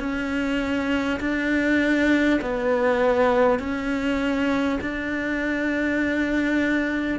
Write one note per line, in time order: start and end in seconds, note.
0.00 1.20 C#4
1.21 2.41 D4
2.41 3.59 B3
3.59 4.79 C#4
4.82 7.19 D4